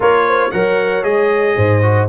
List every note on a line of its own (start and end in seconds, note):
0.00 0.50 A#3
0.00 0.52 F4
0.00 0.26 A#4
0.00 0.51 C#5
0.27 0.52 C5
0.51 1.03 F#3
0.51 1.02 A#4
0.51 1.56 C#5
0.51 1.03 F#5
1.02 1.56 G#3
1.02 1.81 G#4
1.02 2.08 D#5
1.56 2.08 G#2
1.56 2.08 C5
1.82 2.08 F#4